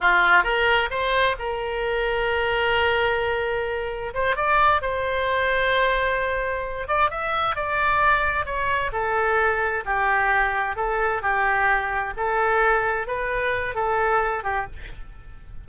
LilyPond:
\new Staff \with { instrumentName = "oboe" } { \time 4/4 \tempo 4 = 131 f'4 ais'4 c''4 ais'4~ | ais'1~ | ais'4 c''8 d''4 c''4.~ | c''2. d''8 e''8~ |
e''8 d''2 cis''4 a'8~ | a'4. g'2 a'8~ | a'8 g'2 a'4.~ | a'8 b'4. a'4. g'8 | }